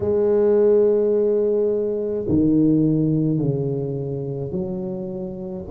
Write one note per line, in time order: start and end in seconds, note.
0.00 2.25 G#3
2.28 3.38 D#3
3.38 4.51 C#3
4.51 5.64 F#3